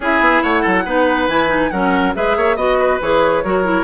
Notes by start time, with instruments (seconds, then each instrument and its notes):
0.00 bassoon C#4, clarinet E4, oboe G#4, flute E5
0.20 bassoon B3
0.42 bassoon A3, oboe C#5, flute F#5
0.61 bassoon F#3, oboe A4
0.85 bassoon B3, clarinet D#4, oboe B4
1.27 bassoon E3, clarinet E4, flute G#5
1.48 clarinet D#4
1.70 bassoon F#3, clarinet C#4, oboe A#4, flute F#5
2.15 bassoon G#3, clarinet G#4, oboe B4, flute E5
2.36 bassoon A#3, oboe C#5
2.56 bassoon B3, clarinet F#4, oboe D#5, flute D#5
2.79 oboe B4
3.01 bassoon E3, clarinet G#4, flute C#5
3.43 bassoon F#3, clarinet F#4, oboe A#4
3.64 clarinet E4